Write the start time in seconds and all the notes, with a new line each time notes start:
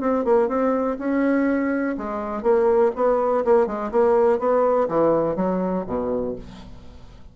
0.00 C4
0.24 A#3
0.48 C4
0.98 C#4
1.97 G#3
2.43 A#3
2.95 B3
3.44 A#3
3.66 G#3
3.91 A#3
4.39 B3
4.88 E3
5.36 F#3
5.86 B2